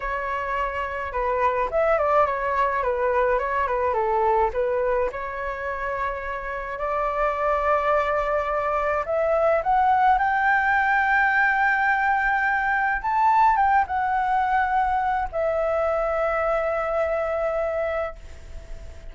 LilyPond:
\new Staff \with { instrumentName = "flute" } { \time 4/4 \tempo 4 = 106 cis''2 b'4 e''8 d''8 | cis''4 b'4 cis''8 b'8 a'4 | b'4 cis''2. | d''1 |
e''4 fis''4 g''2~ | g''2. a''4 | g''8 fis''2~ fis''8 e''4~ | e''1 | }